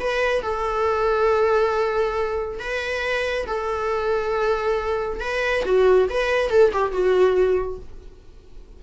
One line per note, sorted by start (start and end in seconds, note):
0.00 0.42 B4
0.42 2.60 A4
2.60 3.47 B4
3.47 5.21 A4
5.21 5.64 B4
5.65 6.09 F#4
6.10 6.50 B4
6.50 6.72 A4
6.73 6.92 G4
6.92 7.79 F#4